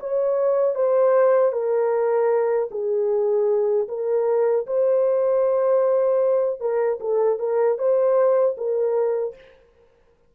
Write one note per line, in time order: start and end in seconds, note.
0.00 0.75 C#5
0.75 1.52 C5
1.52 2.69 A#4
2.71 3.88 G#4
3.88 4.66 A#4
4.67 6.60 C5
6.60 6.99 A#4
7.00 7.39 A4
7.39 7.78 A#4
7.78 8.56 C5
8.57 9.35 A#4